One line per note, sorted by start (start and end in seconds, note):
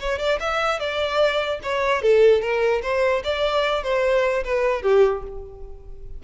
0.00 0.19 C#5
0.19 0.39 D5
0.40 0.79 E5
0.79 1.60 D5
1.63 2.02 C#5
2.02 2.41 A4
2.41 2.82 A#4
2.82 3.23 C5
3.24 3.83 D5
3.83 4.43 C5
4.44 4.82 B4
4.82 5.23 G4